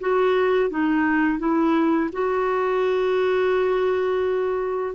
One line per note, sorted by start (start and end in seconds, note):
0.00 0.70 F#4
0.70 1.39 D#4
1.39 2.10 E4
2.12 4.95 F#4